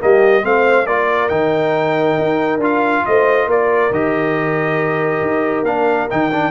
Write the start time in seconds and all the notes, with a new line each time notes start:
0.00 G3 A#3 G4 D#5
0.42 A3 C4 C5 F5
0.87 A#3 F4 A#4 D5
1.29 D#3 D#4 G5
2.19 D#4
2.58 D4 F4 F5
3.06 A3 C5 D#5
3.47 A#3 A#4 D5
3.91 D#3 G4 D#5
5.22 D#4
5.63 A#3 D4 F5
6.10 D#3 D#4 G5
6.32 D4